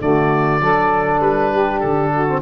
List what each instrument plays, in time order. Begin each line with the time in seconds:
0.00 tuba D3, trombone A3, saxophone F#4, oboe D5
0.60 tuba F#3, trombone D4, saxophone A4
1.19 tuba G3, oboe B4
1.51 saxophone G4
1.79 tuba D3, oboe A4
2.11 saxophone F#4
2.27 trombone C4